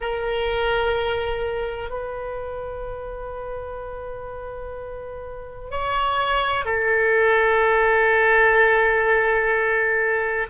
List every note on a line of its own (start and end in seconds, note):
0.00 1.90 A#4
1.90 5.70 B4
5.70 6.65 C#5
6.65 10.46 A4